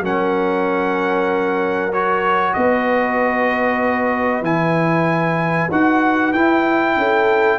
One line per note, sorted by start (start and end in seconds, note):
0.00 2.53 F#3
0.00 1.92 C#4
0.00 2.55 A#4
0.00 1.92 F#5
1.92 4.43 F#4
1.92 2.53 C#5
2.53 4.41 B3
2.53 6.97 B4
2.53 4.43 D#5
4.41 5.67 E3
4.41 5.69 E4
4.41 5.70 G#5
5.71 6.33 D#4
5.71 6.34 F#4
5.71 6.32 F#5
6.32 6.96 E4
6.32 7.59 E4
6.32 7.59 G5
6.96 7.59 C#4
6.96 7.59 A4